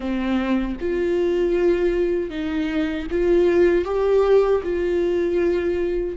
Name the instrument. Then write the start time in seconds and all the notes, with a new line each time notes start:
viola
0.00 C4
0.80 F4
2.30 D#4
3.10 F4
3.84 G4
4.63 F4